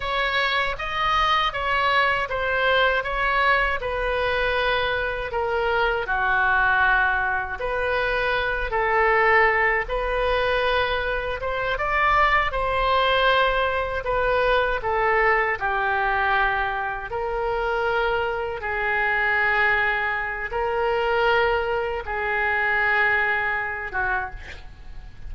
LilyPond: \new Staff \with { instrumentName = "oboe" } { \time 4/4 \tempo 4 = 79 cis''4 dis''4 cis''4 c''4 | cis''4 b'2 ais'4 | fis'2 b'4. a'8~ | a'4 b'2 c''8 d''8~ |
d''8 c''2 b'4 a'8~ | a'8 g'2 ais'4.~ | ais'8 gis'2~ gis'8 ais'4~ | ais'4 gis'2~ gis'8 fis'8 | }